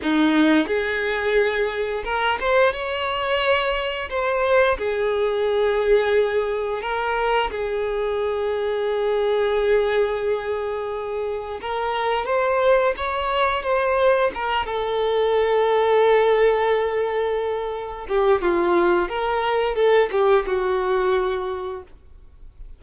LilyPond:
\new Staff \with { instrumentName = "violin" } { \time 4/4 \tempo 4 = 88 dis'4 gis'2 ais'8 c''8 | cis''2 c''4 gis'4~ | gis'2 ais'4 gis'4~ | gis'1~ |
gis'4 ais'4 c''4 cis''4 | c''4 ais'8 a'2~ a'8~ | a'2~ a'8 g'8 f'4 | ais'4 a'8 g'8 fis'2 | }